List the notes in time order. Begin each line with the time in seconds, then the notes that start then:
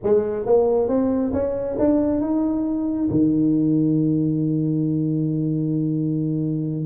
0.03 G#3
0.46 A#3
0.88 C4
1.33 C#4
1.78 D4
2.20 D#4
3.10 D#3